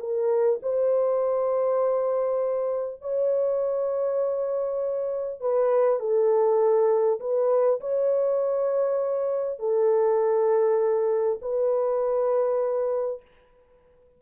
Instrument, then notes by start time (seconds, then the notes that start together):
horn
0.00 A#4
0.63 C5
3.02 C#5
5.41 B4
6.00 A4
7.20 B4
7.81 C#5
9.59 A4
11.42 B4